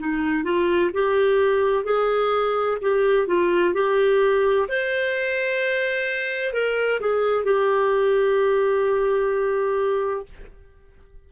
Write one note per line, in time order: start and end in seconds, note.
0.00 0.44 D#4
0.44 0.91 F4
0.94 1.85 G4
1.85 2.78 G#4
2.82 3.28 G4
3.28 3.75 F4
3.75 4.68 G4
4.69 6.54 C5
6.54 7.01 A#4
7.01 7.45 G#4
7.45 10.26 G4